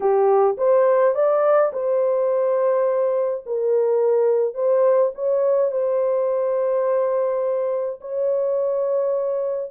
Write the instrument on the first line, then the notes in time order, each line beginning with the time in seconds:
horn
0.00 G4
0.57 C5
1.15 D5
1.72 C5
3.46 A#4
4.54 C5
5.14 C#5
5.71 C5
8.01 C#5